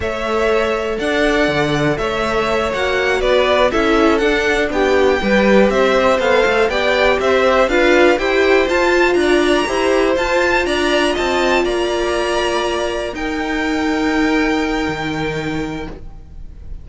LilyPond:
<<
  \new Staff \with { instrumentName = "violin" } { \time 4/4 \tempo 4 = 121 e''2 fis''2 | e''4. fis''4 d''4 e''8~ | e''8 fis''4 g''2 e''8~ | e''8 f''4 g''4 e''4 f''8~ |
f''8 g''4 a''4 ais''4.~ | ais''8 a''4 ais''4 a''4 ais''8~ | ais''2~ ais''8 g''4.~ | g''1 | }
  \new Staff \with { instrumentName = "violin" } { \time 4/4 cis''2 d''2 | cis''2~ cis''8 b'4 a'8~ | a'4. g'4 b'4 c''8~ | c''4. d''4 c''4 b'8~ |
b'8 c''2 d''4 c''8~ | c''4. d''4 dis''4 d''8~ | d''2~ d''8 ais'4.~ | ais'1 | }
  \new Staff \with { instrumentName = "viola" } { \time 4/4 a'1~ | a'4. fis'2 e'8~ | e'8 d'2 g'4.~ | g'8 a'4 g'2 f'8~ |
f'8 g'4 f'2 g'8~ | g'8 f'2.~ f'8~ | f'2~ f'8 dis'4.~ | dis'1 | }
  \new Staff \with { instrumentName = "cello" } { \time 4/4 a2 d'4 d4 | a4. ais4 b4 cis'8~ | cis'8 d'4 b4 g4 c'8~ | c'8 b8 a8 b4 c'4 d'8~ |
d'8 e'4 f'4 d'4 e'8~ | e'8 f'4 d'4 c'4 ais8~ | ais2~ ais8 dis'4.~ | dis'2 dis2 | }
>>